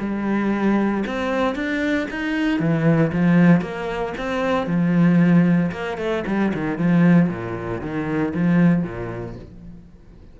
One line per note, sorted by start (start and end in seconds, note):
0.00 1.04 G3
1.07 1.55 C4
1.55 2.08 D4
2.11 2.60 D#4
2.60 3.12 E3
3.13 3.61 F3
3.61 4.14 A#3
4.18 4.67 C4
4.67 5.71 F3
5.72 5.98 A#3
5.98 6.24 A3
6.27 6.53 G3
6.54 6.78 D#3
6.78 7.29 F3
7.29 7.81 A#2
7.81 8.34 D#3
8.34 8.84 F3
8.84 9.36 A#2